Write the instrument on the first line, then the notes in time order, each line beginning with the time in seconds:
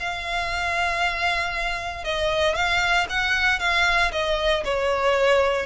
violin
0.00 F5
2.04 D#5
2.55 F5
3.09 F#5
3.59 F5
4.12 D#5
4.65 C#5